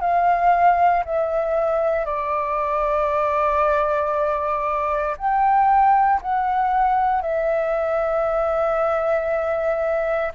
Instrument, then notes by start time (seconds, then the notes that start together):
flute
0.00 F5
1.05 E5
2.05 D5
5.17 G5
6.22 F#5
7.21 E5